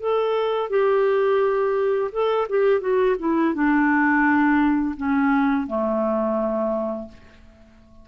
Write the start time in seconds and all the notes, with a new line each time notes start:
0.00 A4
0.70 G4
2.12 A4
2.49 G4
2.80 F#4
3.19 E4
3.54 D4
4.96 C#4
5.67 A3